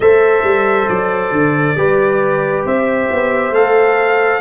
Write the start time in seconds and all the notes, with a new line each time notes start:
0.00 A3 A4 C5 E5
0.43 G3
0.88 F#3 D5
1.31 D3
1.76 G3 G4 B4
2.65 C4 C5 E5
3.11 B3
3.50 A3 A4 F5